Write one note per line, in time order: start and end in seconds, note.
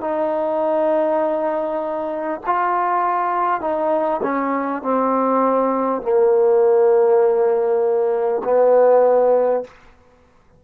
0.00 2.40 D#4
2.45 3.61 F4
3.61 4.21 D#4
4.23 4.82 C#4
4.82 6.02 C4
6.02 8.42 A#3
8.44 9.64 B3